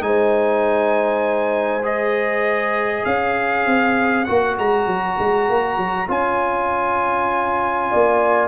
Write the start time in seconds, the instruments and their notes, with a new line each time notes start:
0.00 tuba G#3, trombone D#4, horn C5, trumpet G#5
1.83 trombone G#4, trumpet D#5
3.05 tuba C#4, horn C#5, trumpet F5
3.66 tuba C4
4.25 tuba A#3, trombone F#4, trumpet F#5
4.58 tuba G#3, trumpet A#5
4.87 tuba F#3
5.19 tuba G#3
5.49 tuba A#3
5.77 tuba F#3
6.08 tuba C#4, trombone F4, trumpet G#5
7.90 tuba A#3, horn D5